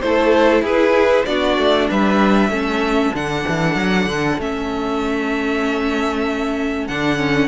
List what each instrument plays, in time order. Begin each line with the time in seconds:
0.00 cello A3, viola E4, violin A4 C5
0.62 cello E4, violin G#4 B4
1.25 cello B3, viola D4, violin F#4 D5
1.58 cello A3
1.90 cello G3, violin B4 E5
2.49 cello A3, viola C#4, violin A4
3.13 cello D3, viola D4, violin F#5
3.48 cello E3
3.75 cello F#3
4.06 cello D3
4.38 cello A3, viola C#4, violin E5
6.87 cello D3, viola D4, violin F#5
7.17 viola C#4